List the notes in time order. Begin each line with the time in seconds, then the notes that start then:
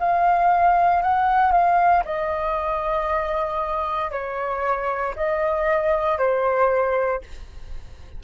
0.00 F5
1.03 F#5
1.52 F5
2.05 D#5
4.11 C#5
5.16 D#5
6.19 C5